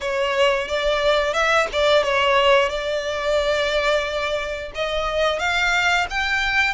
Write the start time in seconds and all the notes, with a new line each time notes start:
0.00 C#5
0.68 D5
1.33 E5
1.72 D5
2.03 C#5
2.69 D5
4.75 D#5
5.39 F5
6.09 G5